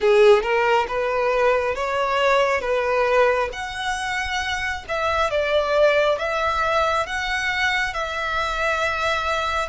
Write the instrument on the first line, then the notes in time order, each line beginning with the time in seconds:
violin
0.00 G#4
0.42 A#4
0.87 B4
1.75 C#5
2.60 B4
3.52 F#5
4.88 E5
5.30 D5
6.18 E5
7.06 F#5
7.93 E5